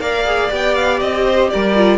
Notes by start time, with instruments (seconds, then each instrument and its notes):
0.00 cello A#3, viola A#4, violin D5 F5
0.26 viola G#4
0.51 cello B3, viola G4, violin G5
0.75 violin F5
1.01 cello C4, violin D#5
1.25 violin C5
1.50 cello G3, violin A#4 D5
1.75 viola F4